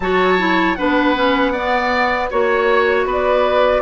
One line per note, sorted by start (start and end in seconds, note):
0.00 0.76 F#3
0.00 0.38 F#4
0.00 0.78 C#5
0.00 0.74 A5
0.38 0.76 E4
0.74 2.32 B3
0.74 1.15 D4
0.74 1.52 B4
0.74 2.28 F#5
1.15 1.54 C#4
1.52 2.30 B3
1.52 2.29 D5
2.30 3.05 A#3
2.30 3.82 F#4
2.30 3.06 C#5
2.30 3.07 C#5
3.05 3.82 B3
3.05 3.82 B4
3.12 3.82 D5